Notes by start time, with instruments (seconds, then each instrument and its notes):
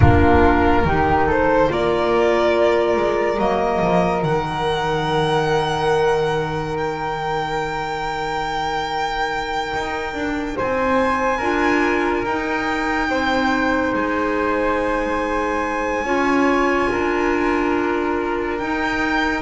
0.00 double bass A#3, clarinet D4, flute F4, violin A#4
0.84 double bass D#3, clarinet D#4, flute G4
1.26 flute A4, violin C5
1.68 double bass A#3, clarinet F4, flute A#4, violin D5
2.96 double bass G#3
3.37 double bass F#3, clarinet A#3, violin D#5
3.80 double bass F3
4.21 double bass D#3, clarinet D#4, violin F#5
6.76 violin G5
9.73 double bass D#4
10.13 double bass D4
10.56 double bass C4, flute C5, violin G#5
11.37 double bass D4, clarinet F4, flute A#4
12.24 double bass D#4, clarinet D#4, violin G5
13.09 double bass C4, flute C5
13.93 double bass G#3, violin G#5
16.04 double bass C#4, clarinet F4, flute C#5
16.91 double bass D4, flute A#4
18.58 clarinet D#4, double bass D#4, violin G5